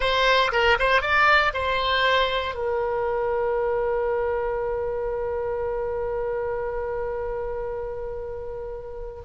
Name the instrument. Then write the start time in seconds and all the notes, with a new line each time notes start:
oboe
0.00 C5
0.52 A#4
0.79 C5
1.01 D5
1.53 C5
2.54 A#4